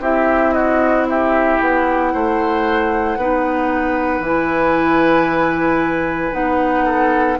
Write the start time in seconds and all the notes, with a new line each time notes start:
0.00 C4 E4 G4 E5
0.52 F#4 D#5
1.09 G4 E5
1.60 B3 F#5
2.13 A3 C5
3.17 B3 D#4 B4
4.20 E3 E4 G#5
6.32 B3 D#4 F#5
6.85 A4